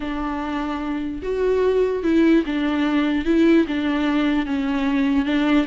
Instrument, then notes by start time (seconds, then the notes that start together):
viola
0.00 D4
1.22 F#4
2.03 E4
2.45 D4
3.25 E4
3.67 D4
4.46 C#4
5.25 D4